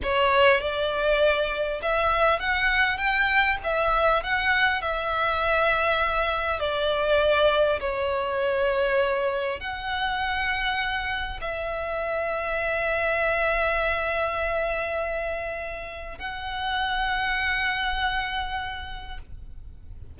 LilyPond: \new Staff \with { instrumentName = "violin" } { \time 4/4 \tempo 4 = 100 cis''4 d''2 e''4 | fis''4 g''4 e''4 fis''4 | e''2. d''4~ | d''4 cis''2. |
fis''2. e''4~ | e''1~ | e''2. fis''4~ | fis''1 | }